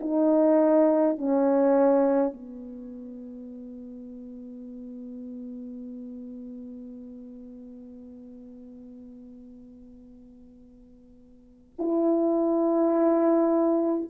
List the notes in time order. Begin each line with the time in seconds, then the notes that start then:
0.00 D#4
1.18 C#4
2.33 B3
11.79 E4